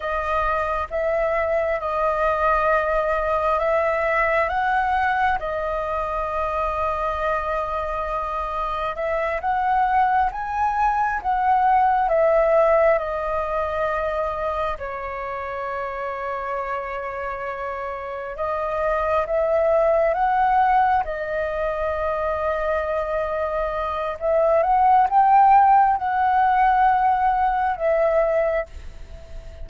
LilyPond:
\new Staff \with { instrumentName = "flute" } { \time 4/4 \tempo 4 = 67 dis''4 e''4 dis''2 | e''4 fis''4 dis''2~ | dis''2 e''8 fis''4 gis''8~ | gis''8 fis''4 e''4 dis''4.~ |
dis''8 cis''2.~ cis''8~ | cis''8 dis''4 e''4 fis''4 dis''8~ | dis''2. e''8 fis''8 | g''4 fis''2 e''4 | }